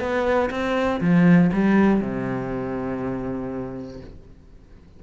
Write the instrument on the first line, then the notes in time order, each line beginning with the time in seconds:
cello
0.00 B3
0.50 C4
1.00 F3
1.53 G3
2.01 C3